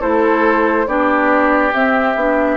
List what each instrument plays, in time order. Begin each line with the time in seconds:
0.00 bassoon A3, clarinet E4, oboe A4, flute C5
0.87 bassoon B3, clarinet D4, oboe G4, flute D5
1.73 clarinet C4, bassoon C4, flute E5
2.16 bassoon B3, clarinet D4